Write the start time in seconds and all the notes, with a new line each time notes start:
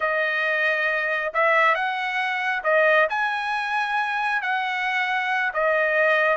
0.00 D#5
1.33 E5
1.74 F#5
2.63 D#5
3.09 G#5
4.42 F#5
5.53 D#5